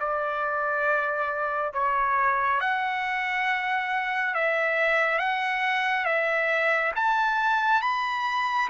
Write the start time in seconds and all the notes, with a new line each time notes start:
0.00 D5
1.74 C#5
2.60 F#5
4.34 E5
5.19 F#5
6.05 E5
6.96 A5
7.82 B5